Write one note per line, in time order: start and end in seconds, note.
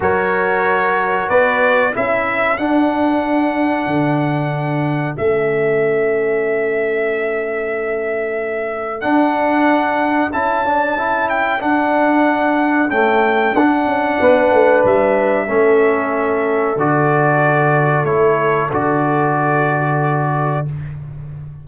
0.00 1.27 F#3
0.00 1.93 F#4
0.00 1.29 A#4
0.00 1.29 C#5
1.29 1.94 B3
1.29 1.94 B4
1.29 1.93 D5
1.93 2.58 C#4
1.93 2.58 E4
1.93 14.19 A4
1.93 2.57 E5
2.57 3.86 D4
2.57 5.15 D4
2.57 5.15 F#5
3.86 5.15 D3
5.15 9.04 A3
5.15 9.01 C#4
5.15 9.01 E5
9.01 10.30 D4
9.01 10.33 D4
9.01 10.30 F#5
10.32 11.61 C#4
10.32 10.65 E4
10.32 11.29 A5
10.65 10.97 D4
10.97 11.59 E4
11.29 11.61 G5
11.59 12.88 D4
11.59 12.90 F#5
12.88 13.56 A3
12.88 13.52 C#4
12.88 13.55 G5
13.54 13.85 D4
13.54 15.47 D4
13.54 14.84 F#5
13.85 14.18 C#4
14.20 14.51 B3
14.20 15.47 B4
14.51 14.83 A3
14.84 15.48 G3
14.84 16.79 E5
15.47 16.76 A3
15.47 16.76 C#4
15.47 20.63 A4
16.76 18.04 D3
16.76 18.06 F#4
16.76 18.05 D5
18.04 18.68 A3
18.04 18.70 E4
18.04 18.69 C#5
18.72 20.65 D3
18.72 20.65 F#4
18.72 20.67 D5